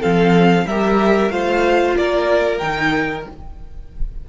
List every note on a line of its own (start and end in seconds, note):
0.00 0.65 F3
0.00 0.66 C4
0.00 0.65 A4
0.00 0.67 F5
0.65 1.30 G3
0.65 1.29 G4
0.65 1.32 A#4
0.65 1.31 E5
1.29 1.95 A3
1.29 2.60 F4
1.29 1.97 C5
1.29 1.96 F5
1.97 2.61 A#3
1.97 3.29 A#4
1.97 2.58 D5
2.58 3.26 D#3
2.58 3.27 D#4
2.58 3.24 G5